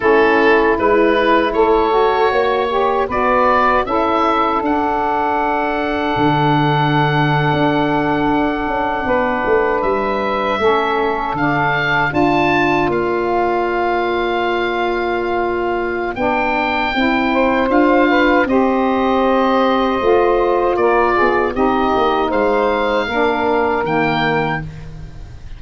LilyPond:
<<
  \new Staff \with { instrumentName = "oboe" } { \time 4/4 \tempo 4 = 78 a'4 b'4 cis''2 | d''4 e''4 fis''2~ | fis''1~ | fis''8. e''2 f''4 a''16~ |
a''8. f''2.~ f''16~ | f''4 g''2 f''4 | dis''2. d''4 | dis''4 f''2 g''4 | }
  \new Staff \with { instrumentName = "saxophone" } { \time 4/4 e'2 a'4 cis''4 | b'4 a'2.~ | a'2.~ a'8. b'16~ | b'4.~ b'16 a'2 d''16~ |
d''1~ | d''2~ d''8 c''4 b'8 | c''2. ais'8 gis'8 | g'4 c''4 ais'2 | }
  \new Staff \with { instrumentName = "saxophone" } { \time 4/4 cis'4 e'4. fis'4 g'8 | fis'4 e'4 d'2~ | d'1~ | d'4.~ d'16 cis'4 d'4 f'16~ |
f'1~ | f'4 d'4 e'4 f'4 | g'2 f'2 | dis'2 d'4 ais4 | }
  \new Staff \with { instrumentName = "tuba" } { \time 4/4 a4 gis4 a4 ais4 | b4 cis'4 d'2 | d4.~ d16 d'4. cis'8 b16~ | b16 a8 g4 a4 d4 d'16~ |
d'8. ais2.~ ais16~ | ais4 b4 c'4 d'4 | c'2 a4 ais8 b8 | c'8 ais8 gis4 ais4 dis4 | }
>>